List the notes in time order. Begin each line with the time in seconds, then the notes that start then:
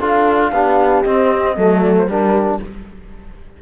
0.00 D4 F4 A4 F5
0.52 B3 D4 G4
1.02 C4 D#5
1.56 F#3 A3 A4
1.81 D5
1.98 C5
2.07 G3 D4 G4 A#4